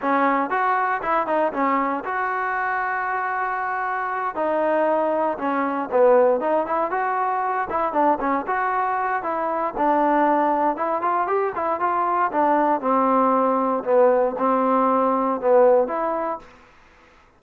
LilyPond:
\new Staff \with { instrumentName = "trombone" } { \time 4/4 \tempo 4 = 117 cis'4 fis'4 e'8 dis'8 cis'4 | fis'1~ | fis'8 dis'2 cis'4 b8~ | b8 dis'8 e'8 fis'4. e'8 d'8 |
cis'8 fis'4. e'4 d'4~ | d'4 e'8 f'8 g'8 e'8 f'4 | d'4 c'2 b4 | c'2 b4 e'4 | }